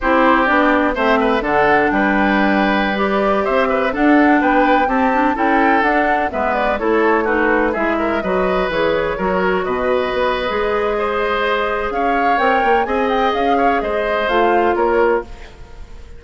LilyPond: <<
  \new Staff \with { instrumentName = "flute" } { \time 4/4 \tempo 4 = 126 c''4 d''4 e''4 fis''4 | g''2~ g''16 d''4 e''8.~ | e''16 fis''4 g''4 a''4 g''8.~ | g''16 fis''4 e''8 d''8 cis''4 b'8.~ |
b'16 e''4 dis''4 cis''4.~ cis''16~ | cis''16 dis''2.~ dis''8.~ | dis''4 f''4 g''4 gis''8 g''8 | f''4 dis''4 f''4 cis''4 | }
  \new Staff \with { instrumentName = "oboe" } { \time 4/4 g'2 c''8 b'8 a'4 | b'2.~ b'16 c''8 b'16~ | b'16 a'4 b'4 g'4 a'8.~ | a'4~ a'16 b'4 a'4 fis'8.~ |
fis'16 gis'8 ais'8 b'2 ais'8.~ | ais'16 b'2~ b'8. c''4~ | c''4 cis''2 dis''4~ | dis''8 cis''8 c''2 ais'4 | }
  \new Staff \with { instrumentName = "clarinet" } { \time 4/4 e'4 d'4 c'4 d'4~ | d'2~ d'16 g'4.~ g'16~ | g'16 d'2 c'8 d'8 e'8.~ | e'16 d'4 b4 e'4 dis'8.~ |
dis'16 e'4 fis'4 gis'4 fis'8.~ | fis'2 gis'2~ | gis'2 ais'4 gis'4~ | gis'2 f'2 | }
  \new Staff \with { instrumentName = "bassoon" } { \time 4/4 c'4 b4 a4 d4 | g2.~ g16 c'8.~ | c'16 d'4 b4 c'4 cis'8.~ | cis'16 d'4 gis4 a4.~ a16~ |
a16 gis4 fis4 e4 fis8.~ | fis16 b,4 b8. gis2~ | gis4 cis'4 c'8 ais8 c'4 | cis'4 gis4 a4 ais4 | }
>>